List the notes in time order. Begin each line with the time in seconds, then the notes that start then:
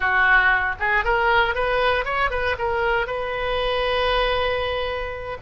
0.00 F#4
0.79 G#4
1.04 A#4
1.54 B4
2.04 C#5
2.30 B4
2.58 A#4
3.07 B4